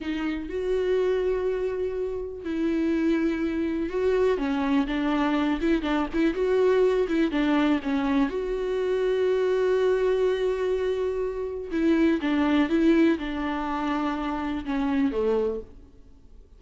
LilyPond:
\new Staff \with { instrumentName = "viola" } { \time 4/4 \tempo 4 = 123 dis'4 fis'2.~ | fis'4 e'2. | fis'4 cis'4 d'4. e'8 | d'8 e'8 fis'4. e'8 d'4 |
cis'4 fis'2.~ | fis'1 | e'4 d'4 e'4 d'4~ | d'2 cis'4 a4 | }